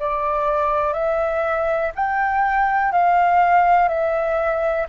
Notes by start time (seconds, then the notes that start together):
0.00 D5
0.93 E5
1.95 G5
2.92 F5
3.89 E5